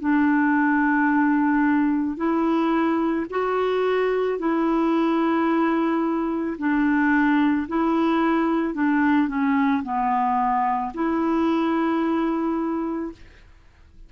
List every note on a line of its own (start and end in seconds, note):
0.00 2.17 D4
2.17 3.26 E4
3.30 4.39 F#4
4.39 6.57 E4
6.59 7.68 D4
7.69 8.74 E4
8.74 9.28 D4
9.28 9.83 C#4
9.84 10.93 B3
10.94 13.12 E4